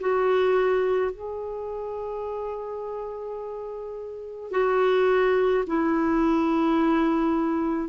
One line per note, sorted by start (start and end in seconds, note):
0.00 1.12 F#4
1.12 4.51 G#4
4.51 5.64 F#4
5.67 7.89 E4